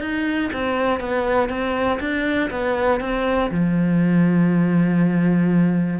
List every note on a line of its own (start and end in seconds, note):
0.00 0.50 D#4
0.53 1.00 C4
1.00 1.49 B3
1.49 1.99 C4
2.00 2.50 D4
2.50 3.00 B3
3.00 3.50 C4
3.50 5.99 F3